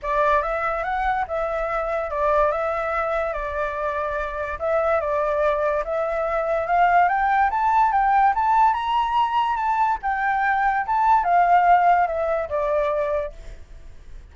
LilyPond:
\new Staff \with { instrumentName = "flute" } { \time 4/4 \tempo 4 = 144 d''4 e''4 fis''4 e''4~ | e''4 d''4 e''2 | d''2. e''4 | d''2 e''2 |
f''4 g''4 a''4 g''4 | a''4 ais''2 a''4 | g''2 a''4 f''4~ | f''4 e''4 d''2 | }